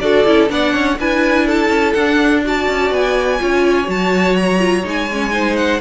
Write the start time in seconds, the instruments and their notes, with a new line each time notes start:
0.00 cello D4, viola F#4, violin A4 D5
0.26 cello C#4, viola E4
0.48 cello B3, viola D4, violin D5 F#5
0.74 cello C#4, violin C#5
0.98 cello D4, viola E4, violin B4 G#5
1.46 violin A4 A5
1.69 cello C#4
1.93 cello D4, viola D4, violin F#5
2.44 viola F#4, violin D5 A5
2.69 cello C#4
2.91 cello B3, violin G#5
3.39 cello C#4, viola F4, violin C#5
3.84 cello F#3, viola F#4, violin A5
4.36 violin A#5
4.59 viola F4
4.84 cello G#3, viola D#4, violin G#5
5.12 viola C#4
5.31 viola D#4, violin C5
5.56 violin F#5